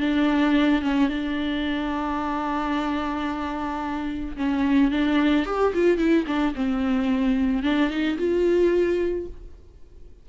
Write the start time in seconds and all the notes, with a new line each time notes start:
0.00 D4
0.82 C#4
1.09 D4
4.36 C#4
4.91 D4
5.46 G4
5.74 F4
5.98 E4
6.27 D4
6.55 C4
7.63 D4
7.90 D#4
8.17 F4